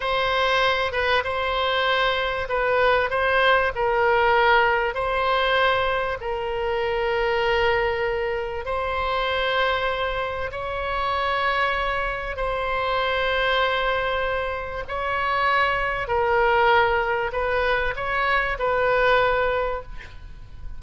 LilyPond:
\new Staff \with { instrumentName = "oboe" } { \time 4/4 \tempo 4 = 97 c''4. b'8 c''2 | b'4 c''4 ais'2 | c''2 ais'2~ | ais'2 c''2~ |
c''4 cis''2. | c''1 | cis''2 ais'2 | b'4 cis''4 b'2 | }